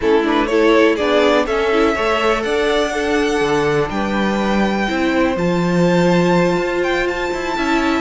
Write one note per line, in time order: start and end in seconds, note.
0.00 0.99 A3
0.00 0.23 C#4
0.00 0.49 E4
0.00 0.25 A4
0.23 0.48 D4
0.23 0.46 B4
0.46 0.99 E4
0.46 0.95 A4
0.46 0.95 C#5
0.95 1.46 B3
0.95 1.47 D4
0.95 1.43 G#4
0.95 1.45 D5
1.46 1.95 C#4
1.46 1.72 C#4
1.46 1.94 A4
1.46 2.42 E5
1.72 1.95 E4
1.94 2.44 A3
1.94 2.89 A4
1.94 2.43 C#5
2.42 3.41 D4
2.42 2.93 D5
2.42 3.89 F#5
2.89 4.84 D4
2.89 3.90 A4
3.41 3.89 D3
3.89 4.87 G3
3.89 4.88 B4
3.89 5.36 G5
4.87 5.36 C4
4.87 5.36 E4
4.87 7.56 C5
5.36 6.56 F3
5.36 7.56 F4
5.36 6.82 A5
6.56 7.29 F4
6.82 7.07 G5
7.07 8.01 A5
7.33 7.57 E4
7.56 8.01 C#4
7.56 8.01 E4
7.56 8.01 E5